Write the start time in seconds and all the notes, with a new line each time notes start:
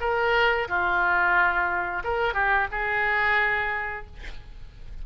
0.00 A#4
0.68 F4
2.03 A#4
2.34 G4
2.71 G#4